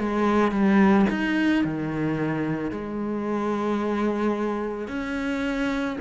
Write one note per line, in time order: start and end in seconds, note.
0.00 0.52 G#3
0.52 1.06 G3
1.10 1.65 D#4
1.65 2.71 D#3
2.71 4.88 G#3
4.88 5.97 C#4